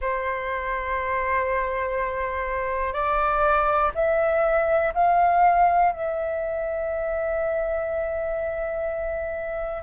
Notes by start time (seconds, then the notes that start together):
0.00 C5
2.92 D5
3.94 E5
4.94 F5
5.92 E5